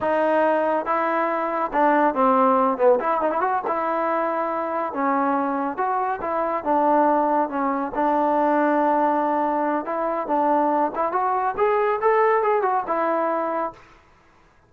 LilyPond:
\new Staff \with { instrumentName = "trombone" } { \time 4/4 \tempo 4 = 140 dis'2 e'2 | d'4 c'4. b8 e'8 dis'16 e'16 | fis'8 e'2. cis'8~ | cis'4. fis'4 e'4 d'8~ |
d'4. cis'4 d'4.~ | d'2. e'4 | d'4. e'8 fis'4 gis'4 | a'4 gis'8 fis'8 e'2 | }